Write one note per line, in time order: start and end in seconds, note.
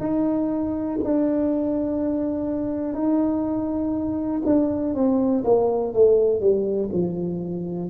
0.00 0.98 D#4
1.04 2.94 D4
2.94 4.42 D#4
4.45 4.94 D4
4.94 5.43 C4
5.44 5.93 A#3
5.93 6.40 A3
6.40 6.89 G3
6.92 7.90 F3